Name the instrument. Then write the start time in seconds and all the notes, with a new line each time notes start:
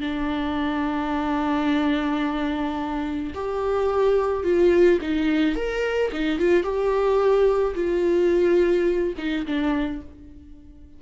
viola
0.00 D4
3.34 G4
4.43 F4
5.01 D#4
5.56 A#4
6.12 D#4
6.39 F4
6.63 G4
7.74 F4
9.17 D#4
9.46 D4